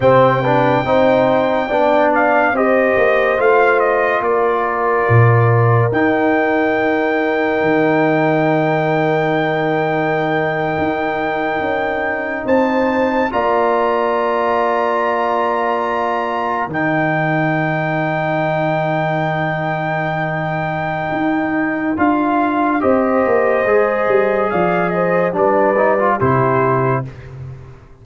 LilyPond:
<<
  \new Staff \with { instrumentName = "trumpet" } { \time 4/4 \tempo 4 = 71 g''2~ g''8 f''8 dis''4 | f''8 dis''8 d''2 g''4~ | g''1~ | g''2~ g''8. a''4 ais''16~ |
ais''2.~ ais''8. g''16~ | g''1~ | g''2 f''4 dis''4~ | dis''4 f''8 dis''8 d''4 c''4 | }
  \new Staff \with { instrumentName = "horn" } { \time 4/4 c''8 b'8 c''4 d''4 c''4~ | c''4 ais'2.~ | ais'1~ | ais'2~ ais'8. c''4 d''16~ |
d''2.~ d''8. ais'16~ | ais'1~ | ais'2. c''4~ | c''4 d''8 c''8 b'4 g'4 | }
  \new Staff \with { instrumentName = "trombone" } { \time 4/4 c'8 d'8 dis'4 d'4 g'4 | f'2. dis'4~ | dis'1~ | dis'2.~ dis'8. f'16~ |
f'2.~ f'8. dis'16~ | dis'1~ | dis'2 f'4 g'4 | gis'2 d'8 dis'16 f'16 e'4 | }
  \new Staff \with { instrumentName = "tuba" } { \time 4/4 c4 c'4 b4 c'8 ais8 | a4 ais4 ais,4 dis'4~ | dis'4 dis2.~ | dis8. dis'4 cis'4 c'4 ais16~ |
ais2.~ ais8. dis16~ | dis1~ | dis4 dis'4 d'4 c'8 ais8 | gis8 g8 f4 g4 c4 | }
>>